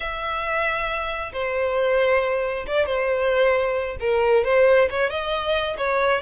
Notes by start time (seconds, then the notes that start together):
0.00 E5
1.32 C5
2.66 D5
2.85 C5
4.00 A#4
4.44 C5
4.89 C#5
5.09 D#5
5.77 C#5